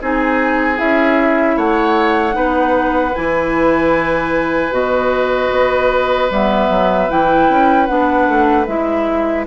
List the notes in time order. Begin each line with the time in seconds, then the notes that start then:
0.00 C4 D#4 G#4 G#5
0.76 C#4 E4 E5
1.56 A3 C#5 F#5
2.31 B3 D#4 B4
3.15 E3 E4 G#5
4.70 B2 F#4 D#5
5.51 B3
6.30 G3 B3 E5
6.69 F#3
7.09 E3 E4 G5
7.49 C#4
7.86 B3 D4 F#5
8.28 A3
8.66 G#3 E4 E5